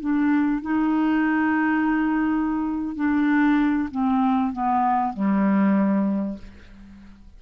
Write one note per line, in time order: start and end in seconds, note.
0.00 0.62 D4
0.62 2.95 D#4
2.95 3.89 D4
3.91 4.53 C4
4.53 5.13 B3
5.13 6.38 G3